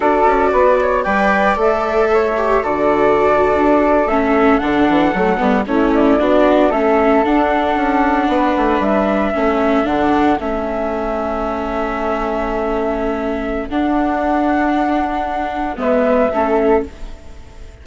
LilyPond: <<
  \new Staff \with { instrumentName = "flute" } { \time 4/4 \tempo 4 = 114 d''2 g''4 e''4~ | e''4 d''2~ d''8. e''16~ | e''8. fis''2 cis''8 d''8.~ | d''8. e''4 fis''2~ fis''16~ |
fis''8. e''2 fis''4 e''16~ | e''1~ | e''2 fis''2~ | fis''2 e''2 | }
  \new Staff \with { instrumentName = "flute" } { \time 4/4 a'4 b'8 cis''8 d''2 | cis''4 a'2.~ | a'2~ a'8. e'4 fis'16~ | fis'8. a'2. b'16~ |
b'4.~ b'16 a'2~ a'16~ | a'1~ | a'1~ | a'2 b'4 a'4 | }
  \new Staff \with { instrumentName = "viola" } { \time 4/4 fis'2 b'4 a'4~ | a'8 g'8 fis'2~ fis'8. cis'16~ | cis'8. d'4 a8 b8 cis'4 d'16~ | d'8. cis'4 d'2~ d'16~ |
d'4.~ d'16 cis'4 d'4 cis'16~ | cis'1~ | cis'2 d'2~ | d'2 b4 cis'4 | }
  \new Staff \with { instrumentName = "bassoon" } { \time 4/4 d'8 cis'8 b4 g4 a4~ | a4 d4.~ d16 d'4 a16~ | a8. d8 e8 fis8 g8 a4 b16~ | b8. a4 d'4 cis'4 b16~ |
b16 a8 g4 a4 d4 a16~ | a1~ | a2 d'2~ | d'2 gis4 a4 | }
>>